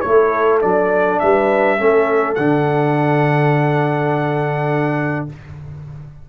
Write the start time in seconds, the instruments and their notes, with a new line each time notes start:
0.00 tuba A3, trombone E4, horn A4, trumpet C#5
0.61 tuba F#3, trombone D4, trumpet D5
1.19 tuba G3, horn B4, trumpet E5
1.78 tuba A3, trombone C#4, horn A4
2.35 tuba D3, trombone D4, trumpet F#5